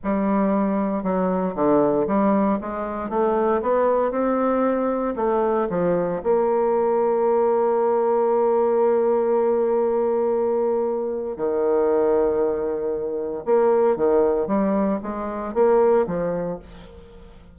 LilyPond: \new Staff \with { instrumentName = "bassoon" } { \time 4/4 \tempo 4 = 116 g2 fis4 d4 | g4 gis4 a4 b4 | c'2 a4 f4 | ais1~ |
ais1~ | ais2 dis2~ | dis2 ais4 dis4 | g4 gis4 ais4 f4 | }